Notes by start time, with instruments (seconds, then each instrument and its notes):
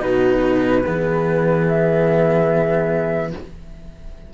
0.00 cello B2 D#4, horn F#4, flute B4
0.85 cello E3 B3, horn G#4
1.68 flute E5